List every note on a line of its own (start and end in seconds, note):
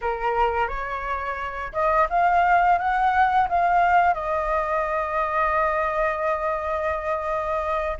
0.01 0.68 A#4
0.68 1.72 C#5
1.73 2.07 D#5
2.09 2.78 F5
2.78 3.48 F#5
3.49 4.14 F5
4.14 7.97 D#5